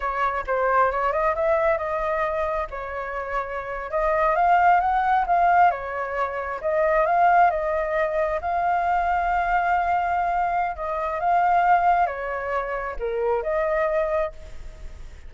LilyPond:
\new Staff \with { instrumentName = "flute" } { \time 4/4 \tempo 4 = 134 cis''4 c''4 cis''8 dis''8 e''4 | dis''2 cis''2~ | cis''8. dis''4 f''4 fis''4 f''16~ | f''8. cis''2 dis''4 f''16~ |
f''8. dis''2 f''4~ f''16~ | f''1 | dis''4 f''2 cis''4~ | cis''4 ais'4 dis''2 | }